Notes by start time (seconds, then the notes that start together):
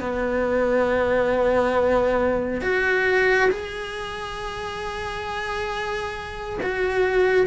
0.00 B3
2.61 F#4
3.50 G#4
6.62 F#4